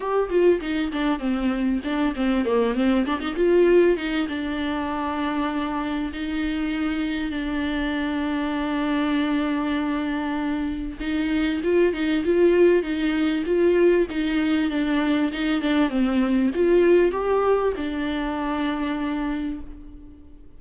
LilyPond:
\new Staff \with { instrumentName = "viola" } { \time 4/4 \tempo 4 = 98 g'8 f'8 dis'8 d'8 c'4 d'8 c'8 | ais8 c'8 d'16 dis'16 f'4 dis'8 d'4~ | d'2 dis'2 | d'1~ |
d'2 dis'4 f'8 dis'8 | f'4 dis'4 f'4 dis'4 | d'4 dis'8 d'8 c'4 f'4 | g'4 d'2. | }